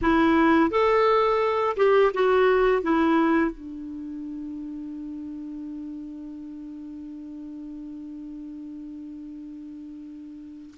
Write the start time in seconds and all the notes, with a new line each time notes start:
0.01 E4
0.70 A4
1.76 G4
2.14 F#4
2.82 E4
3.51 D4